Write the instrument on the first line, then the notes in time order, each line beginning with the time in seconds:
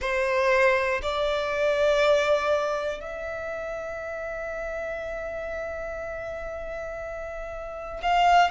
violin
0.00 C5
1.02 D5
3.00 E5
8.02 F5